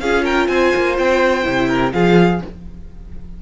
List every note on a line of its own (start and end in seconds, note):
0.00 0.48 C#4
0.00 1.43 F4
0.00 0.24 G#4
0.00 0.24 F5
0.24 0.48 A#4
0.24 0.47 G5
0.47 0.72 C4
0.47 1.68 C5
0.47 0.95 G#5
0.75 0.98 A#3
0.98 1.45 C4
0.98 1.93 G5
1.43 1.93 C3
1.43 1.91 E4
1.68 1.92 A#4
1.93 2.41 F3
1.93 2.41 F4
1.93 2.42 G#4
1.93 2.41 F5